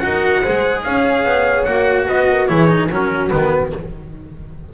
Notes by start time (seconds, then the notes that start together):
0.00 D#4 F#4 A#4 F#5
0.42 G#3 G#4 C5
0.84 C#4 C#5 F5
1.25 B3
1.65 A#3 F#4 F#5
2.07 B3 B4 D#5
2.31 A#4
2.48 E3 E4 G#4 C#5
2.68 D#4
2.90 F#3 C#4 F#4 A#4
3.29 D#3 B3 B4